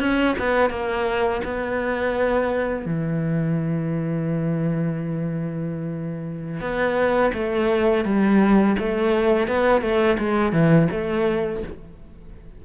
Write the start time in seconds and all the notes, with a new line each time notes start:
0.00 C#4
0.39 B3
0.70 A#3
1.45 B3
2.86 E3
6.61 B3
7.34 A3
8.05 G3
8.80 A3
9.48 B3
9.82 A3
10.19 G#3
10.53 E3
10.92 A3